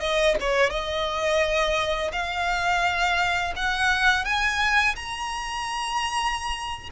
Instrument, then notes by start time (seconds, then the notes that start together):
violin
0.00 D#5
0.40 C#5
0.70 D#5
2.12 F5
3.56 F#5
4.25 G#5
4.95 A#5